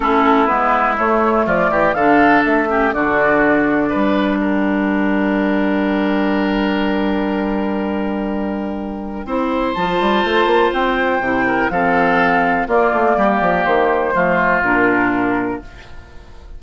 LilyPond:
<<
  \new Staff \with { instrumentName = "flute" } { \time 4/4 \tempo 4 = 123 a'4 b'4 cis''4 d''4 | f''4 e''4 d''2~ | d''4 g''2.~ | g''1~ |
g''1 | a''2 g''2 | f''2 d''2 | c''2 ais'2 | }
  \new Staff \with { instrumentName = "oboe" } { \time 4/4 e'2. f'8 g'8 | a'4. g'8 fis'2 | b'4 ais'2.~ | ais'1~ |
ais'2. c''4~ | c''2.~ c''8 ais'8 | a'2 f'4 g'4~ | g'4 f'2. | }
  \new Staff \with { instrumentName = "clarinet" } { \time 4/4 cis'4 b4 a2 | d'4. cis'8 d'2~ | d'1~ | d'1~ |
d'2. e'4 | f'2. e'4 | c'2 ais2~ | ais4 a4 d'2 | }
  \new Staff \with { instrumentName = "bassoon" } { \time 4/4 a4 gis4 a4 f8 e8 | d4 a4 d2 | g1~ | g1~ |
g2. c'4 | f8 g8 a8 ais8 c'4 c4 | f2 ais8 a8 g8 f8 | dis4 f4 ais,2 | }
>>